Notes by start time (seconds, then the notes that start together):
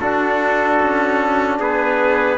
0.00 D4 F#4 A4
0.83 C#4
1.60 B3 G#4 B4